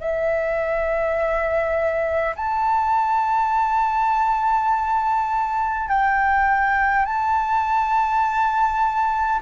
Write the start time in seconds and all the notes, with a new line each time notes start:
0.00 E5
2.36 A5
5.89 G5
7.05 A5